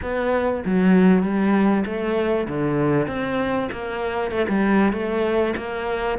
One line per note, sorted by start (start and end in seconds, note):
0.02 0.64 B3
0.65 1.22 F#3
1.22 1.84 G3
1.85 2.47 A3
2.47 3.07 D3
3.07 3.69 C4
3.72 4.31 A#3
4.31 4.46 A3
4.48 4.92 G3
4.92 5.54 A3
5.56 6.18 A#3